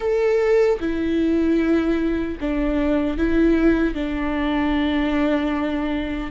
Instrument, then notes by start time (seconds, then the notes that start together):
viola
0.00 A4
0.80 E4
2.40 D4
3.17 E4
3.94 D4